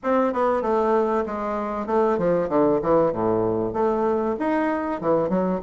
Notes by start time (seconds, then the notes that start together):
0.03 C4
0.33 B3
0.62 A3
1.26 G#3
1.86 A3
2.18 F3
2.49 D3
2.82 E3
3.12 A2
3.73 A3
4.39 D#4
5.00 E3
5.29 F#3